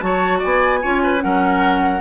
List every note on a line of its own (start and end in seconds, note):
0.00 0.43 F#3
0.00 0.81 F#4
0.00 0.39 C#5
0.00 0.40 A5
0.39 0.85 B3
0.39 0.79 D5
0.39 1.22 G#5
0.82 1.24 C#4
0.82 1.20 F4
0.82 1.03 C#5
1.04 1.24 B4
1.20 2.02 F#3
1.20 2.00 C#4
1.20 2.02 A#4
1.20 2.02 F#5